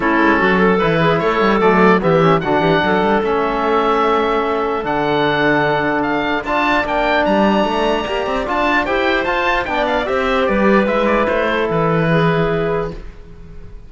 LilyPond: <<
  \new Staff \with { instrumentName = "oboe" } { \time 4/4 \tempo 4 = 149 a'2 b'4 cis''4 | d''4 e''4 fis''2 | e''1 | fis''2. f''4 |
a''4 g''4 ais''2~ | ais''4 a''4 g''4 a''4 | g''8 f''8 e''4 d''4 e''8 d''8 | c''4 b'2. | }
  \new Staff \with { instrumentName = "clarinet" } { \time 4/4 e'4 fis'8 a'4 gis'8 a'4~ | a'4 g'4 fis'8 g'8 a'4~ | a'1~ | a'1 |
d''1~ | d''2 c''2 | d''4 c''4 b'2~ | b'8 a'4. gis'2 | }
  \new Staff \with { instrumentName = "trombone" } { \time 4/4 cis'2 e'2 | a4 b8 cis'8 d'2 | cis'1 | d'1 |
f'4 d'2. | g'4 f'4 g'4 f'4 | d'4 g'2 e'4~ | e'1 | }
  \new Staff \with { instrumentName = "cello" } { \time 4/4 a8 gis8 fis4 e4 a8 g8 | fis4 e4 d8 e8 fis8 g8 | a1 | d1 |
d'4 ais4 g4 a4 | ais8 c'8 d'4 e'4 f'4 | b4 c'4 g4 gis4 | a4 e2. | }
>>